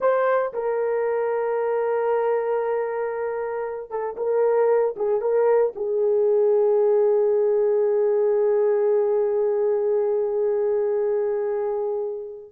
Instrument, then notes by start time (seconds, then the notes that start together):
horn
0.00 C5
0.53 A#4
3.90 A4
4.16 A#4
4.96 G#4
5.21 A#4
5.75 G#4